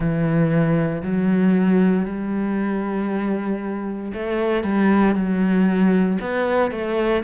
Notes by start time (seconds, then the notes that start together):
0.00 E3
1.03 F#3
2.05 G3
4.13 A3
4.63 G3
5.14 F#3
6.20 B3
6.71 A3